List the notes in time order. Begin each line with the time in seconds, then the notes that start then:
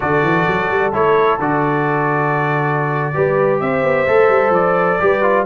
0.00 D3 F#4 A4 D5
0.23 E3
0.47 F#3
0.70 G3
0.92 A3 E4 C#5
1.39 D3 F#4 D5
3.13 G3 G4 B4
3.59 C4 C5 E5
3.83 B3
4.07 A3 A4
4.28 G3
4.50 F3 D5
4.99 G3 G4 B4
5.22 F4